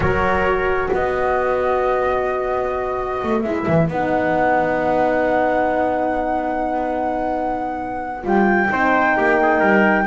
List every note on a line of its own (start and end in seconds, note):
0.00 0.89 F#3
0.00 3.44 F#4
0.00 0.90 A#4
0.00 0.90 C#5
0.90 3.22 B3
0.90 8.68 B4
0.90 3.41 D#5
3.22 3.43 A3
3.41 3.66 G#3
3.41 3.90 E4
3.41 3.87 E5
3.67 3.88 E3
3.88 8.23 B3
3.88 8.22 D#4
3.88 8.25 F#5
8.22 8.69 G3
8.22 8.68 F4
8.22 10.06 G5
8.69 9.16 C4
8.69 10.06 D#4
8.69 9.17 C5
9.17 9.60 A#3
9.17 9.39 G4
9.42 9.59 G#4
9.59 10.06 G3
9.59 10.05 A#4